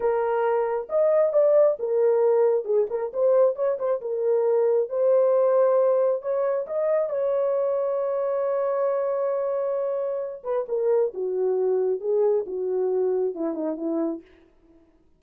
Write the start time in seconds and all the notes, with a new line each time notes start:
0.00 A#4
0.89 D#5
1.32 D5
1.79 A#4
2.64 G#4
2.89 A#4
3.13 C5
3.55 C#5
3.78 C5
4.01 A#4
4.89 C5
6.22 C#5
6.66 D#5
7.09 C#5
10.43 B4
10.68 A#4
11.14 F#4
12.00 G#4
12.46 F#4
13.34 E4
13.54 D#4
13.77 E4